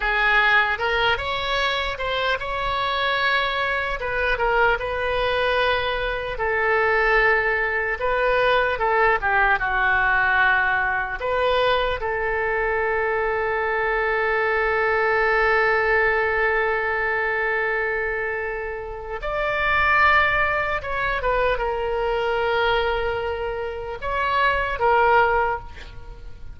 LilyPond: \new Staff \with { instrumentName = "oboe" } { \time 4/4 \tempo 4 = 75 gis'4 ais'8 cis''4 c''8 cis''4~ | cis''4 b'8 ais'8 b'2 | a'2 b'4 a'8 g'8 | fis'2 b'4 a'4~ |
a'1~ | a'1 | d''2 cis''8 b'8 ais'4~ | ais'2 cis''4 ais'4 | }